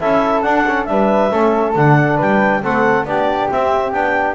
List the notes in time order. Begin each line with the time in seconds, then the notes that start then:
0.00 C#4 E4 A4 E5
0.42 D4 F#5
0.68 C#4
0.86 G3 D4 B4 E5
1.31 A3 C#4 A4
1.76 D3 D4 F#5
2.17 G3 B4 G5
2.62 A3 C4 A4 F#5
3.05 B3 D4 G4 D5
3.50 C4 E5
3.92 B3 D4 G5